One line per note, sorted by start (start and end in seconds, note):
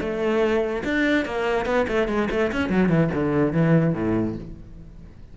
0.00 0.83 A3
0.84 1.25 D4
1.25 1.66 A#3
1.66 1.86 B3
1.88 2.08 A3
2.08 2.29 G#3
2.30 2.51 A3
2.52 2.69 C#4
2.69 2.89 F#3
2.89 3.10 E3
3.14 3.53 D3
3.53 3.94 E3
3.94 4.35 A2